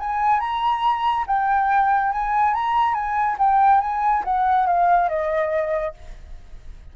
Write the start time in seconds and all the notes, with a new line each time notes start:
0.00 G#5
0.40 A#5
1.27 G5
2.12 G#5
2.55 A#5
2.94 G#5
3.39 G5
3.81 G#5
4.25 F#5
4.67 F5
5.09 D#5